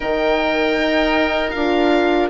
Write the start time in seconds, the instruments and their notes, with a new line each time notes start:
0.00 bassoon D#3, horn D#4, oboe A#4 G5
0.78 bassoon D#4
1.50 bassoon D4, horn F4, oboe F5